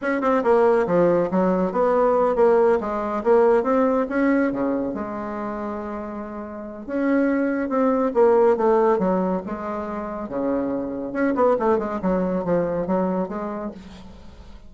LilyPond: \new Staff \with { instrumentName = "bassoon" } { \time 4/4 \tempo 4 = 140 cis'8 c'8 ais4 f4 fis4 | b4. ais4 gis4 ais8~ | ais8 c'4 cis'4 cis4 gis8~ | gis1 |
cis'2 c'4 ais4 | a4 fis4 gis2 | cis2 cis'8 b8 a8 gis8 | fis4 f4 fis4 gis4 | }